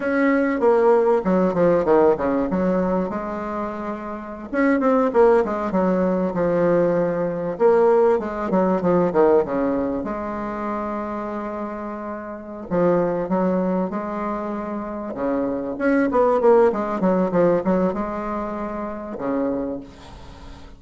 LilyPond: \new Staff \with { instrumentName = "bassoon" } { \time 4/4 \tempo 4 = 97 cis'4 ais4 fis8 f8 dis8 cis8 | fis4 gis2~ gis16 cis'8 c'16~ | c'16 ais8 gis8 fis4 f4.~ f16~ | f16 ais4 gis8 fis8 f8 dis8 cis8.~ |
cis16 gis2.~ gis8.~ | gis8 f4 fis4 gis4.~ | gis8 cis4 cis'8 b8 ais8 gis8 fis8 | f8 fis8 gis2 cis4 | }